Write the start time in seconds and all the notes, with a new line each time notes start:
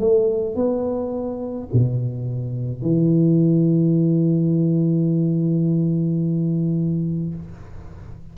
0.00 A3
0.55 B3
1.73 B2
2.81 E3